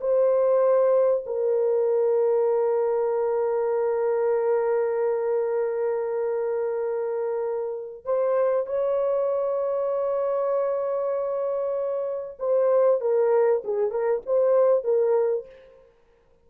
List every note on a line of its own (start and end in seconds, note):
0.00 1.24 C5
1.26 8.04 A#4
8.04 8.66 C5
8.66 12.37 C#5
12.39 13.01 C5
13.01 13.63 A#4
13.64 13.91 G#4
13.91 14.22 A#4
14.26 14.84 C5
14.84 15.46 A#4